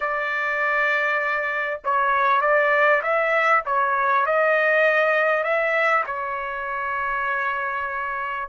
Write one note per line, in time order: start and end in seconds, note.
0.00 1.80 D5
1.84 2.41 C#5
2.41 3.01 D5
3.02 3.63 E5
3.65 4.26 C#5
4.26 5.43 D#5
5.43 6.04 E5
6.06 8.48 C#5